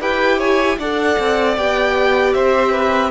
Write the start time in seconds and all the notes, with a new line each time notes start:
0.00 E4 G4 B4 G5
0.38 C#5 G#5
0.78 D4 A4 D5 F#5
1.19 C4
1.57 B3 G4 G5
2.33 C4 C5 E5
2.72 B4